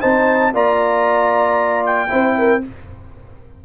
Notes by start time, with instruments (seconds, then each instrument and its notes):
0.00 tuba C4, trombone D#4, horn C5, trumpet A5
0.54 tuba A#3, trombone F4, horn D5, trumpet A#5
1.85 trumpet G5
2.08 tuba C4, trombone E4, horn C5
2.38 horn A#4